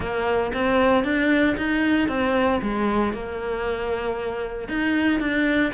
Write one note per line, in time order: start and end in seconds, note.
0.00 0.52 A#3
0.53 1.04 C4
1.04 1.56 D4
1.57 2.08 D#4
2.08 2.60 C4
2.62 3.13 G#3
3.13 4.68 A#3
4.68 5.20 D#4
5.20 5.72 D4